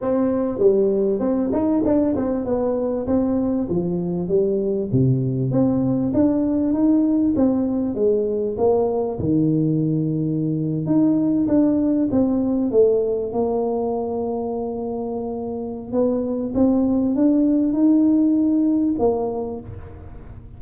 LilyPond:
\new Staff \with { instrumentName = "tuba" } { \time 4/4 \tempo 4 = 98 c'4 g4 c'8 dis'8 d'8 c'8 | b4 c'4 f4 g4 | c4 c'4 d'4 dis'4 | c'4 gis4 ais4 dis4~ |
dis4.~ dis16 dis'4 d'4 c'16~ | c'8. a4 ais2~ ais16~ | ais2 b4 c'4 | d'4 dis'2 ais4 | }